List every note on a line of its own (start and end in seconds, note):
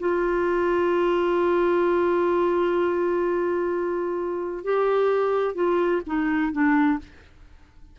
0.00 4.64 F4
4.64 5.55 G4
5.55 6.02 F4
6.07 6.53 D#4
6.53 6.99 D4